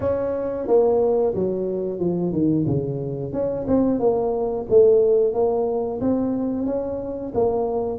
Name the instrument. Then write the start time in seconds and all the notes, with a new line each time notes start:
tuba
0.00 C#4
0.67 A#3
1.34 F#3
1.99 F3
2.32 D#3
2.67 C#3
3.32 C#4
3.67 C4
3.99 A#3
4.69 A3
5.33 A#3
6.01 C4
6.66 C#4
7.34 A#3